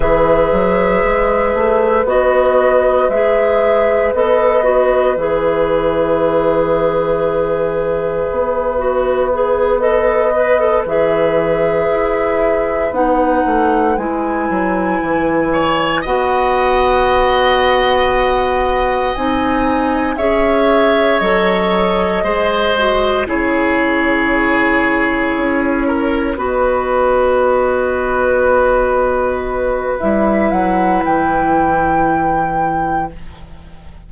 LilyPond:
<<
  \new Staff \with { instrumentName = "flute" } { \time 4/4 \tempo 4 = 58 e''2 dis''4 e''4 | dis''4 e''2.~ | e''4. dis''4 e''4.~ | e''8 fis''4 gis''2 fis''8~ |
fis''2~ fis''8 gis''4 e''8~ | e''8 dis''2 cis''4.~ | cis''4. dis''2~ dis''8~ | dis''4 e''8 fis''8 g''2 | }
  \new Staff \with { instrumentName = "oboe" } { \time 4/4 b'1~ | b'1~ | b'1~ | b'2. cis''8 dis''8~ |
dis''2.~ dis''8 cis''8~ | cis''4. c''4 gis'4.~ | gis'4 ais'8 b'2~ b'8~ | b'1 | }
  \new Staff \with { instrumentName = "clarinet" } { \time 4/4 gis'2 fis'4 gis'4 | a'8 fis'8 gis'2.~ | gis'8 fis'8 gis'8 a'8 b'16 a'16 gis'4.~ | gis'8 dis'4 e'2 fis'8~ |
fis'2~ fis'8 dis'4 gis'8~ | gis'8 a'4 gis'8 fis'8 e'4.~ | e'4. fis'2~ fis'8~ | fis'4 e'2. | }
  \new Staff \with { instrumentName = "bassoon" } { \time 4/4 e8 fis8 gis8 a8 b4 gis4 | b4 e2. | b2~ b8 e4 e'8~ | e'8 b8 a8 gis8 fis8 e4 b8~ |
b2~ b8 c'4 cis'8~ | cis'8 fis4 gis4 cis4.~ | cis8 cis'4 b2~ b8~ | b4 g8 fis8 e2 | }
>>